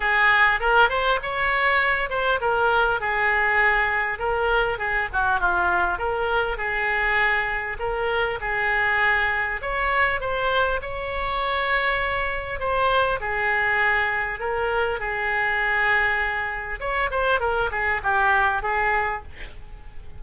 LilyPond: \new Staff \with { instrumentName = "oboe" } { \time 4/4 \tempo 4 = 100 gis'4 ais'8 c''8 cis''4. c''8 | ais'4 gis'2 ais'4 | gis'8 fis'8 f'4 ais'4 gis'4~ | gis'4 ais'4 gis'2 |
cis''4 c''4 cis''2~ | cis''4 c''4 gis'2 | ais'4 gis'2. | cis''8 c''8 ais'8 gis'8 g'4 gis'4 | }